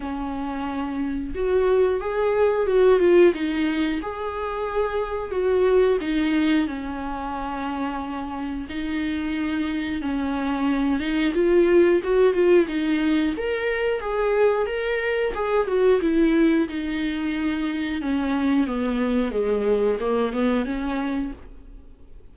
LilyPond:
\new Staff \with { instrumentName = "viola" } { \time 4/4 \tempo 4 = 90 cis'2 fis'4 gis'4 | fis'8 f'8 dis'4 gis'2 | fis'4 dis'4 cis'2~ | cis'4 dis'2 cis'4~ |
cis'8 dis'8 f'4 fis'8 f'8 dis'4 | ais'4 gis'4 ais'4 gis'8 fis'8 | e'4 dis'2 cis'4 | b4 gis4 ais8 b8 cis'4 | }